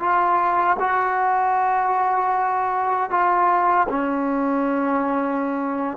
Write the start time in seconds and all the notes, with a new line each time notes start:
0.00 F4
0.80 F#4
3.10 F4
3.89 C#4